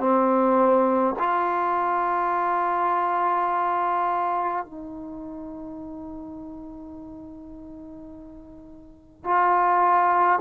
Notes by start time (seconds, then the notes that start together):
0.00 C4
1.20 F4
4.65 D#4
9.25 F4